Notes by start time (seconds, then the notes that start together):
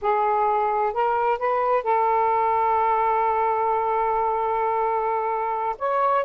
0.01 G#4
0.93 A#4
1.38 B4
1.83 A4
5.78 C#5